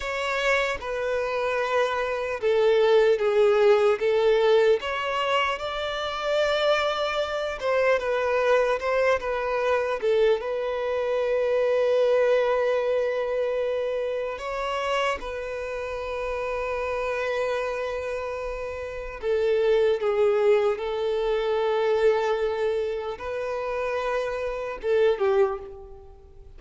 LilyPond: \new Staff \with { instrumentName = "violin" } { \time 4/4 \tempo 4 = 75 cis''4 b'2 a'4 | gis'4 a'4 cis''4 d''4~ | d''4. c''8 b'4 c''8 b'8~ | b'8 a'8 b'2.~ |
b'2 cis''4 b'4~ | b'1 | a'4 gis'4 a'2~ | a'4 b'2 a'8 g'8 | }